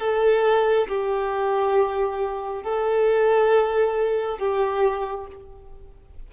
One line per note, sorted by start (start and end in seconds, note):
0.00 0.88 A4
0.88 2.64 G4
2.64 4.39 A4
4.39 5.27 G4